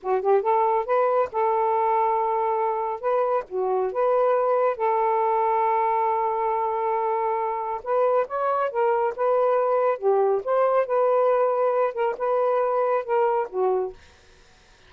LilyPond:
\new Staff \with { instrumentName = "saxophone" } { \time 4/4 \tempo 4 = 138 fis'8 g'8 a'4 b'4 a'4~ | a'2. b'4 | fis'4 b'2 a'4~ | a'1~ |
a'2 b'4 cis''4 | ais'4 b'2 g'4 | c''4 b'2~ b'8 ais'8 | b'2 ais'4 fis'4 | }